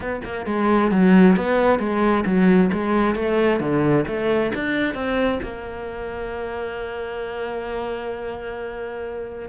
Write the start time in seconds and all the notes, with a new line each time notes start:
0.00 B3
0.24 A#3
0.46 G#3
0.91 F#3
1.36 B3
1.79 G#3
2.25 F#3
2.72 G#3
3.15 A3
3.60 D3
4.07 A3
4.54 D4
4.94 C4
5.43 A#3